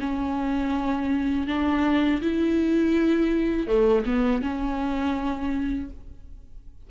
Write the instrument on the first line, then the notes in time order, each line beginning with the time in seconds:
viola
0.00 C#4
1.47 D4
2.22 E4
3.67 A3
4.06 B3
4.42 C#4